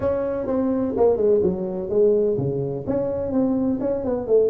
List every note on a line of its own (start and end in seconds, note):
0.00 0.47 C#4
0.47 0.94 C4
0.97 1.17 A#3
1.17 1.40 G#3
1.42 1.89 F#3
1.89 2.37 G#3
2.37 2.85 C#3
2.87 3.32 C#4
3.32 3.79 C4
3.80 4.04 C#4
4.04 4.27 B3
4.27 4.50 A3